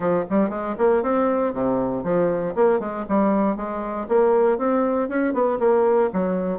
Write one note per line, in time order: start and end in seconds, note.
0.00 0.24 F3
0.29 0.49 G3
0.49 0.75 G#3
0.77 1.02 A#3
1.02 1.53 C4
1.53 2.03 C3
2.03 2.54 F3
2.55 2.79 A#3
2.79 3.05 G#3
3.09 3.56 G3
3.56 4.07 G#3
4.08 4.58 A#3
4.58 5.08 C4
5.08 5.33 C#4
5.33 5.59 B3
5.59 6.10 A#3
6.13 6.59 F#3